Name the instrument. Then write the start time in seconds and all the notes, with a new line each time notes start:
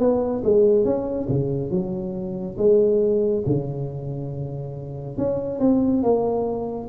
tuba
0.00 B3
0.44 G#3
0.85 C#4
1.29 C#3
1.71 F#3
2.58 G#3
3.47 C#3
5.18 C#4
5.60 C4
6.03 A#3